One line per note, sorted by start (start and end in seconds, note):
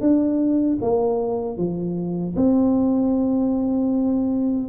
0.00 0.78 D4
0.81 1.57 A#3
1.57 2.35 F3
2.36 4.68 C4